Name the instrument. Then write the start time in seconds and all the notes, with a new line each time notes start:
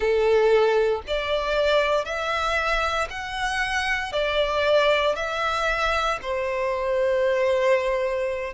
violin
0.00 A4
1.07 D5
2.04 E5
3.09 F#5
4.12 D5
5.15 E5
6.22 C5